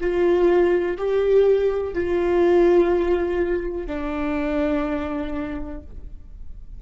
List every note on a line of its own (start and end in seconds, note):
0.00 0.97 F4
0.97 1.93 G4
1.93 3.86 F4
3.86 5.80 D4